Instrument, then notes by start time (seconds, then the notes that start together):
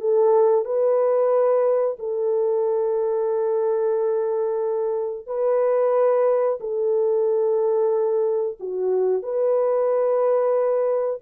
horn
0.00 A4
0.65 B4
1.99 A4
5.27 B4
6.60 A4
8.60 F#4
9.22 B4